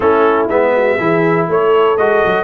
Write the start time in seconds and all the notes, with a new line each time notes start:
0.00 A3 C#4 E4 A4
0.49 G#3 B3 E5
0.76 F#4
0.98 E3 E4 G#4
1.48 A3 A4 C#5
1.97 G#3 F#4 D#5
2.25 F#3